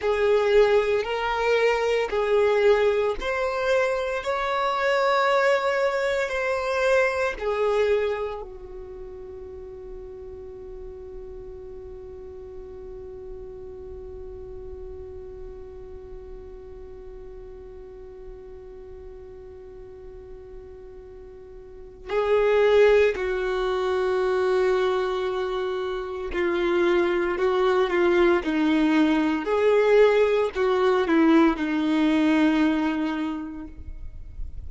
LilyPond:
\new Staff \with { instrumentName = "violin" } { \time 4/4 \tempo 4 = 57 gis'4 ais'4 gis'4 c''4 | cis''2 c''4 gis'4 | fis'1~ | fis'1~ |
fis'1~ | fis'4 gis'4 fis'2~ | fis'4 f'4 fis'8 f'8 dis'4 | gis'4 fis'8 e'8 dis'2 | }